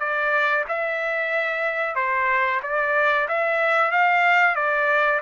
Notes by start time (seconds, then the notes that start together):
0.00 D5
0.69 E5
1.96 C5
2.63 D5
3.28 E5
3.92 F5
4.56 D5